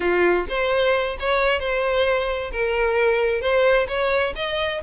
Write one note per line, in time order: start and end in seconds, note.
0.00 0.46 F4
0.48 1.17 C5
1.19 1.59 C#5
1.59 2.51 C5
2.52 3.41 A#4
3.41 3.87 C5
3.87 4.33 C#5
4.35 4.81 D#5